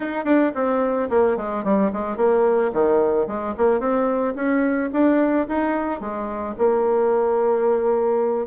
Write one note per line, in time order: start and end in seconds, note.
0.00 0.24 D#4
0.24 0.52 D4
0.54 1.09 C4
1.09 1.36 A#3
1.36 1.64 G#3
1.64 1.91 G3
1.92 2.17 G#3
2.17 2.71 A#3
2.72 3.27 D#3
3.27 3.54 G#3
3.57 3.79 A#3
3.79 4.34 C4
4.35 4.90 C#4
4.92 5.47 D4
5.48 6.00 D#4
6.00 6.55 G#3
6.58 8.47 A#3